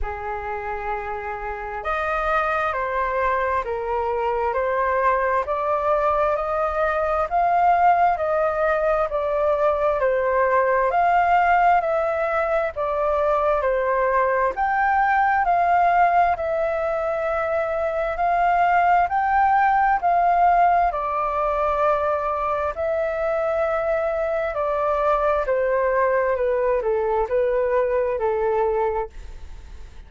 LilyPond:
\new Staff \with { instrumentName = "flute" } { \time 4/4 \tempo 4 = 66 gis'2 dis''4 c''4 | ais'4 c''4 d''4 dis''4 | f''4 dis''4 d''4 c''4 | f''4 e''4 d''4 c''4 |
g''4 f''4 e''2 | f''4 g''4 f''4 d''4~ | d''4 e''2 d''4 | c''4 b'8 a'8 b'4 a'4 | }